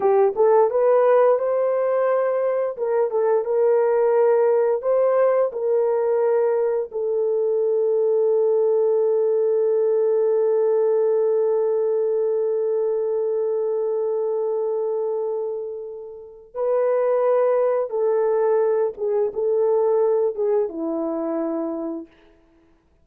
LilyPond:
\new Staff \with { instrumentName = "horn" } { \time 4/4 \tempo 4 = 87 g'8 a'8 b'4 c''2 | ais'8 a'8 ais'2 c''4 | ais'2 a'2~ | a'1~ |
a'1~ | a'1 | b'2 a'4. gis'8 | a'4. gis'8 e'2 | }